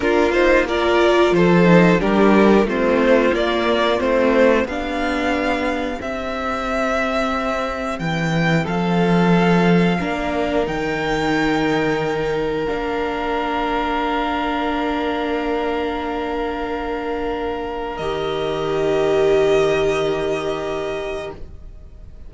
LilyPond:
<<
  \new Staff \with { instrumentName = "violin" } { \time 4/4 \tempo 4 = 90 ais'8 c''8 d''4 c''4 ais'4 | c''4 d''4 c''4 f''4~ | f''4 e''2. | g''4 f''2. |
g''2. f''4~ | f''1~ | f''2. dis''4~ | dis''1 | }
  \new Staff \with { instrumentName = "violin" } { \time 4/4 f'4 ais'4 a'4 g'4 | f'2. g'4~ | g'1~ | g'4 a'2 ais'4~ |
ais'1~ | ais'1~ | ais'1~ | ais'1 | }
  \new Staff \with { instrumentName = "viola" } { \time 4/4 d'8 dis'8 f'4. dis'8 d'4 | c'4 ais4 c'4 d'4~ | d'4 c'2.~ | c'2. d'4 |
dis'2. d'4~ | d'1~ | d'2. g'4~ | g'1 | }
  \new Staff \with { instrumentName = "cello" } { \time 4/4 ais2 f4 g4 | a4 ais4 a4 b4~ | b4 c'2. | e4 f2 ais4 |
dis2. ais4~ | ais1~ | ais2. dis4~ | dis1 | }
>>